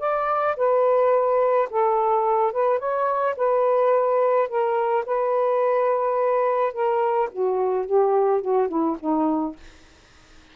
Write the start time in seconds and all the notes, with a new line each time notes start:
0.00 D5
0.57 B4
1.71 A4
2.53 B4
2.79 C#5
3.37 B4
4.49 A#4
5.06 B4
6.74 A#4
7.33 F#4
7.86 G4
8.42 F#4
8.69 E4
9.00 D#4